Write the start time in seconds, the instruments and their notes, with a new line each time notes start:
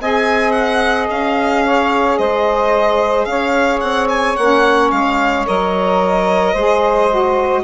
0.00 bassoon C4, saxophone G#4 D#5, violin G#5
0.52 violin F#5
1.10 bassoon C#4, violin F5
1.65 saxophone C#5
2.18 bassoon G#3, saxophone C5, violin D#5
3.25 bassoon C#4, saxophone C#5, violin F5
3.80 bassoon C4, violin F#5
4.09 violin G#5
4.36 bassoon A#3, saxophone C#4, violin F#5
4.91 bassoon G#3, violin F5
5.46 bassoon F#3, saxophone A#4, violin D#5
6.53 bassoon G#3, saxophone G#4 C5
7.10 saxophone F#4